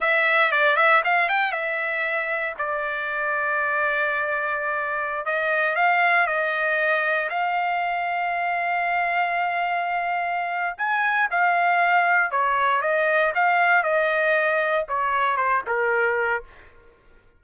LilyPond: \new Staff \with { instrumentName = "trumpet" } { \time 4/4 \tempo 4 = 117 e''4 d''8 e''8 f''8 g''8 e''4~ | e''4 d''2.~ | d''2~ d''16 dis''4 f''8.~ | f''16 dis''2 f''4.~ f''16~ |
f''1~ | f''4 gis''4 f''2 | cis''4 dis''4 f''4 dis''4~ | dis''4 cis''4 c''8 ais'4. | }